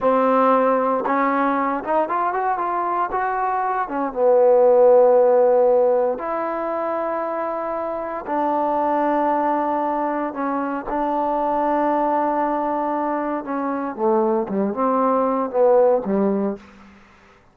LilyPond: \new Staff \with { instrumentName = "trombone" } { \time 4/4 \tempo 4 = 116 c'2 cis'4. dis'8 | f'8 fis'8 f'4 fis'4. cis'8 | b1 | e'1 |
d'1 | cis'4 d'2.~ | d'2 cis'4 a4 | g8 c'4. b4 g4 | }